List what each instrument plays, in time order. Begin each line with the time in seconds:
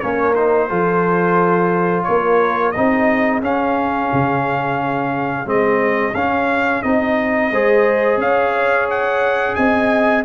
0.00 tuba A#3, trombone C#4, horn A#4, trumpet C#5
0.35 trombone D#4, trumpet C5
0.69 tuba F3, trombone F4, horn A4
2.03 tuba A#3, horn A#4, trumpet C#5
2.72 tuba C4, trombone D#4, horn G#4, trumpet D#5
3.41 tuba C#4, trombone C#4, trumpet F5
4.13 tuba C#3
5.46 tuba G#3, trombone C4, trumpet D#5
6.14 tuba C#4, trombone C#4, trumpet F5
6.83 tuba C4, trombone D#4, trumpet D#5
7.51 tuba G#3, trombone G#4, horn C5
8.17 tuba C#4, horn C#5, trumpet F5
8.90 trumpet F#5
9.55 tuba C4, horn D#5, trumpet G#5